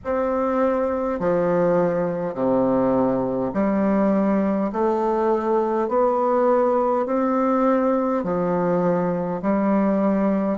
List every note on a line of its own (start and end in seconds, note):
0.04 1.19 C4
1.19 2.34 F3
2.34 3.51 C3
3.53 4.71 G3
4.72 5.88 A3
5.88 7.06 B3
7.06 8.24 C4
8.24 9.41 F3
9.41 10.58 G3